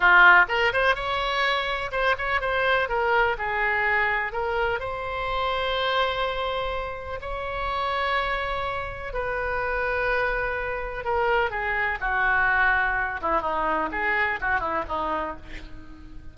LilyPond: \new Staff \with { instrumentName = "oboe" } { \time 4/4 \tempo 4 = 125 f'4 ais'8 c''8 cis''2 | c''8 cis''8 c''4 ais'4 gis'4~ | gis'4 ais'4 c''2~ | c''2. cis''4~ |
cis''2. b'4~ | b'2. ais'4 | gis'4 fis'2~ fis'8 e'8 | dis'4 gis'4 fis'8 e'8 dis'4 | }